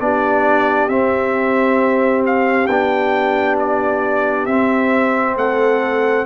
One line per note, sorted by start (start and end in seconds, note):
0.00 0.89 B3
0.00 0.90 D4
0.00 5.37 G4
0.00 0.89 D5
0.89 2.68 C4
0.89 2.69 C4
0.89 2.23 E5
2.26 2.67 F5
2.67 4.47 B3
2.67 4.49 D4
2.67 3.56 G5
3.60 4.46 D5
4.46 5.37 C4
4.46 6.26 C4
4.46 5.35 E5
5.37 6.26 A3
5.37 6.26 A4
5.37 6.26 F#5